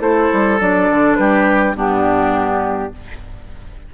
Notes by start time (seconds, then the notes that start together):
0.00 A3 E4 A4 C5
0.33 G3
0.61 F#3 D4 D5
0.90 D3
1.16 G3 G4 B4
1.75 G2 B3 D4 G4